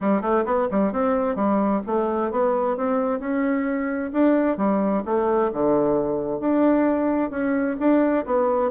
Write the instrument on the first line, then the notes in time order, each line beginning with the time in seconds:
bassoon
0.01 G3
0.21 A3
0.45 B3
0.70 G3
0.92 C4
1.35 G3
1.86 A3
2.31 B3
2.76 C4
3.19 C#4
4.12 D4
4.57 G3
5.05 A3
5.53 D3
6.40 D4
7.30 C#4
7.79 D4
8.25 B3